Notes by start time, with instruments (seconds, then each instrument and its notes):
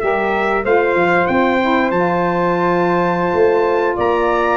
0.00 tuba G3, saxophone G4, flute A#4, trumpet E5
0.64 tuba A3, saxophone F4, flute C5, trumpet F5
0.95 tuba F3
1.27 tuba C4, trumpet G5
1.61 saxophone E4
1.91 tuba F3, saxophone F4, trumpet A5
3.33 tuba A3
3.96 tuba A#3, flute D5, trumpet A#5